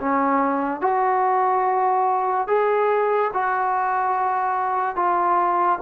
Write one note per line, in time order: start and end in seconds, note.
0.00 0.81 C#4
0.81 2.48 F#4
2.48 3.31 G#4
3.33 4.96 F#4
4.96 5.79 F4